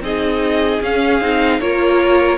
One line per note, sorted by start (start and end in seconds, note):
0.00 0.79 C4
0.00 0.82 D#4
0.00 1.60 G#4
0.00 0.82 D#5
0.81 1.20 C#4
0.81 1.21 C#4
0.81 1.60 F5
1.20 1.59 C4
1.20 1.61 D#4
1.60 2.37 A#3
1.60 2.37 F4
1.60 2.37 A#4
1.60 2.37 C#5